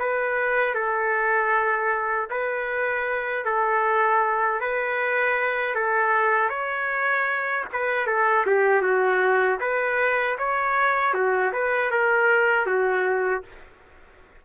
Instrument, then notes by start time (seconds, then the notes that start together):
trumpet
0.00 B4
0.75 A4
2.31 B4
3.45 A4
4.61 B4
5.76 A4
6.50 C#5
7.73 B4
8.07 A4
8.47 G4
8.83 F#4
9.61 B4
10.39 C#5
11.14 F#4
11.53 B4
11.92 A#4
12.67 F#4